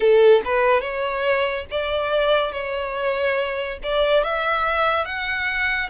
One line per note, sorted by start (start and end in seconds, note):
0.00 0.41 A4
0.45 0.80 B4
0.80 1.65 C#5
1.71 2.51 D5
2.51 3.78 C#5
3.83 4.23 D5
4.23 5.05 E5
5.05 5.89 F#5